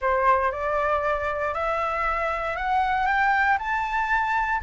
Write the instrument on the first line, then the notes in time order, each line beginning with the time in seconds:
flute
0.01 C5
0.51 D5
1.54 E5
2.56 F#5
3.06 G5
3.58 A5